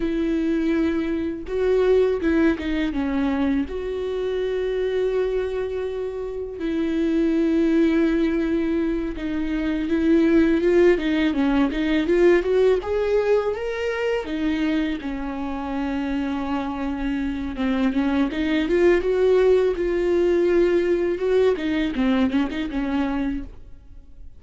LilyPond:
\new Staff \with { instrumentName = "viola" } { \time 4/4 \tempo 4 = 82 e'2 fis'4 e'8 dis'8 | cis'4 fis'2.~ | fis'4 e'2.~ | e'8 dis'4 e'4 f'8 dis'8 cis'8 |
dis'8 f'8 fis'8 gis'4 ais'4 dis'8~ | dis'8 cis'2.~ cis'8 | c'8 cis'8 dis'8 f'8 fis'4 f'4~ | f'4 fis'8 dis'8 c'8 cis'16 dis'16 cis'4 | }